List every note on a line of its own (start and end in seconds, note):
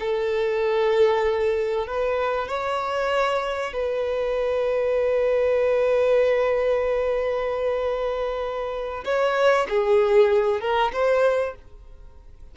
0.00 1.87 A4
1.87 2.48 B4
2.48 3.73 C#5
3.73 9.04 B4
9.05 9.67 C#5
9.69 10.61 G#4
10.61 10.92 A#4
10.93 11.55 C5